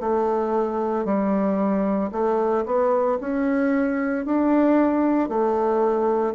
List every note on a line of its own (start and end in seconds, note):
0.00 1.05 A3
1.05 2.10 G3
2.11 2.64 A3
2.65 3.18 B3
3.20 4.25 C#4
4.25 5.29 D4
5.29 6.34 A3